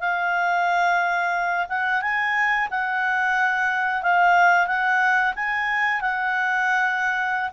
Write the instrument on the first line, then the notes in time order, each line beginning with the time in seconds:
clarinet
0.00 F5
1.68 F#5
2.02 G#5
2.70 F#5
4.02 F5
4.67 F#5
5.35 G#5
6.01 F#5